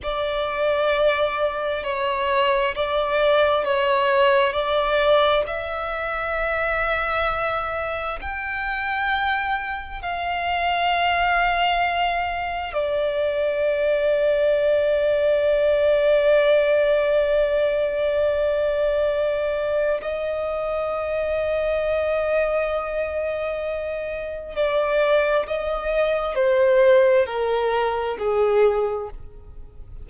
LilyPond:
\new Staff \with { instrumentName = "violin" } { \time 4/4 \tempo 4 = 66 d''2 cis''4 d''4 | cis''4 d''4 e''2~ | e''4 g''2 f''4~ | f''2 d''2~ |
d''1~ | d''2 dis''2~ | dis''2. d''4 | dis''4 c''4 ais'4 gis'4 | }